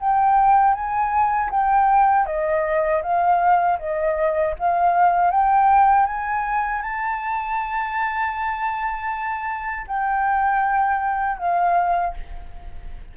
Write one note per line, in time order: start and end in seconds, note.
0.00 0.74 G5
0.74 1.50 G#5
1.51 2.26 G5
2.26 3.02 D#5
3.02 3.78 F5
3.79 4.55 D#5
4.59 5.31 F5
5.31 6.06 G5
6.06 6.82 G#5
6.82 9.86 A5
9.87 11.38 G5
11.38 12.14 F5